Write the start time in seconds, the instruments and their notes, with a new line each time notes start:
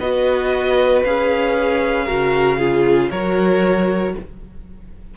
0.00 cello B3, viola F#4, violin B4 D#5
1.04 cello C#4, viola G#4, violin F5
2.06 cello C#3, viola F#4, violin A#4
2.58 viola F4, violin G#4
3.11 cello F#3, viola F#4, violin A#4 C#5